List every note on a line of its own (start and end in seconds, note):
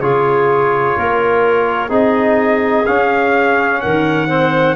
0.00 0.95 C#3
0.00 1.89 F4
0.00 0.96 G#4
0.00 1.90 C#5
0.96 1.89 A#3
0.96 1.89 A#4
1.89 2.85 C4
1.89 2.84 D#4
1.89 3.79 G#4
1.89 2.86 D#5
2.86 4.28 C#4
2.86 3.84 C#4
2.86 3.81 F5
3.81 4.75 D#3
3.81 4.27 A#4
3.81 4.75 F#5
4.27 4.75 C4
4.27 4.75 C5